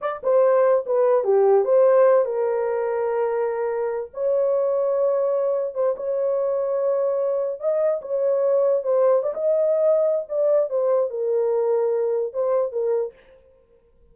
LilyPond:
\new Staff \with { instrumentName = "horn" } { \time 4/4 \tempo 4 = 146 d''8 c''4. b'4 g'4 | c''4. ais'2~ ais'8~ | ais'2 cis''2~ | cis''2 c''8 cis''4.~ |
cis''2~ cis''8 dis''4 cis''8~ | cis''4. c''4 d''16 dis''4~ dis''16~ | dis''4 d''4 c''4 ais'4~ | ais'2 c''4 ais'4 | }